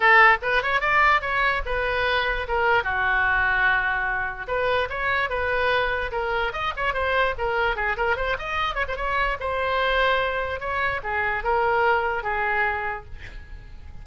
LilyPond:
\new Staff \with { instrumentName = "oboe" } { \time 4/4 \tempo 4 = 147 a'4 b'8 cis''8 d''4 cis''4 | b'2 ais'4 fis'4~ | fis'2. b'4 | cis''4 b'2 ais'4 |
dis''8 cis''8 c''4 ais'4 gis'8 ais'8 | c''8 dis''4 cis''16 c''16 cis''4 c''4~ | c''2 cis''4 gis'4 | ais'2 gis'2 | }